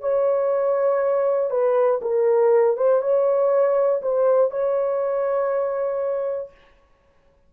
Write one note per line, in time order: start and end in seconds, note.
0.00 1.50 C#5
1.50 2.00 B4
2.01 2.76 A#4
2.77 3.01 C5
3.01 4.01 C#5
4.02 4.50 C5
4.50 6.50 C#5